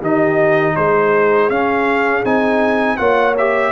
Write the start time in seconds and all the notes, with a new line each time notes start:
0.00 D#3 D#4 G4 D#5
0.76 G#3 G#4 C5
1.50 C#4 F5
2.24 C4 D#4 G#5
2.97 A#3 F4 C#5 F#5
3.37 G4 E5